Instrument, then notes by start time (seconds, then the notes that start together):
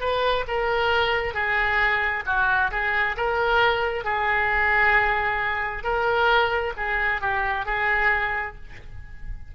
oboe
0.00 B4
0.48 A#4
1.34 G#4
2.26 F#4
2.71 G#4
3.17 A#4
4.04 G#4
5.84 A#4
6.77 G#4
7.21 G4
7.65 G#4